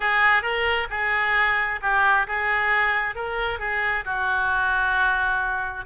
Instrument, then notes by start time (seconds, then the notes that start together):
oboe
0.00 G#4
0.42 A#4
0.90 G#4
1.81 G4
2.27 G#4
3.15 A#4
3.59 G#4
4.05 F#4